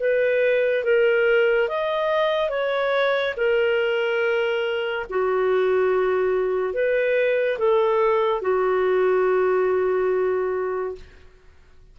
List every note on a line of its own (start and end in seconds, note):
0.00 0.85 B4
0.85 1.69 A#4
1.69 2.50 D#5
2.50 3.35 C#5
3.37 5.06 A#4
5.10 6.74 F#4
6.74 7.59 B4
7.59 8.42 A4
8.42 10.96 F#4